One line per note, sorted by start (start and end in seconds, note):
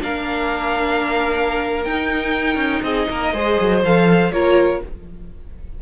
0.00 1.85 A#3
0.00 1.84 D4
0.00 2.84 A#4
0.00 1.84 F5
1.84 2.56 D#4
1.84 3.33 D#4
1.84 2.82 G5
2.56 2.80 C#4
2.82 3.07 C4
2.82 3.08 G#4
2.82 3.81 D#5
3.09 3.33 A#3
3.09 3.34 A#4
3.33 3.57 G#3
3.33 3.82 G#4
3.33 4.32 C5
3.60 3.83 F#3
3.83 4.31 F3
3.83 4.32 A4
3.83 4.32 F5
4.31 4.80 A#3
4.31 4.81 F4
4.31 4.82 A#4
4.31 4.81 C#5